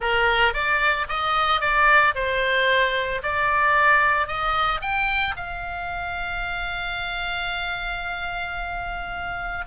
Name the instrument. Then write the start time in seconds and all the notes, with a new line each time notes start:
oboe
0.00 A#4
0.53 D5
1.08 D#5
1.60 D5
2.14 C5
3.22 D5
4.27 D#5
4.81 G5
5.36 F5